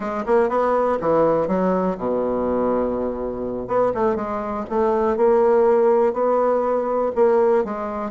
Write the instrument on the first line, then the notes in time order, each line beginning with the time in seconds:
bassoon
0.00 G#3
0.25 A#3
0.49 B3
1.00 E3
1.47 F#3
1.97 B2
3.67 B3
3.94 A3
4.15 G#3
4.69 A3
5.16 A#3
6.13 B3
7.15 A#3
7.64 G#3